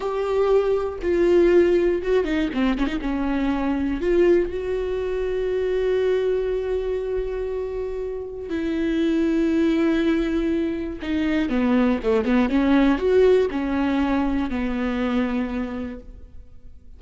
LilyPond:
\new Staff \with { instrumentName = "viola" } { \time 4/4 \tempo 4 = 120 g'2 f'2 | fis'8 dis'8 c'8 cis'16 dis'16 cis'2 | f'4 fis'2.~ | fis'1~ |
fis'4 e'2.~ | e'2 dis'4 b4 | a8 b8 cis'4 fis'4 cis'4~ | cis'4 b2. | }